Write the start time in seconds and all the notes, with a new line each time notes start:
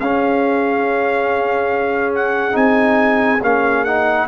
0.00 C#4 G#4 F5
2.15 F#5
2.53 C4 D#4 G#5
3.42 A#3 C#4 F5
3.85 D#4 F#5